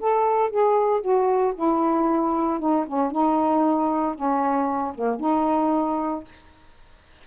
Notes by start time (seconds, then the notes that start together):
0.00 A4
0.50 G#4
1.01 F#4
1.55 E4
2.59 D#4
2.87 C#4
3.11 D#4
4.15 C#4
4.94 A#3
5.20 D#4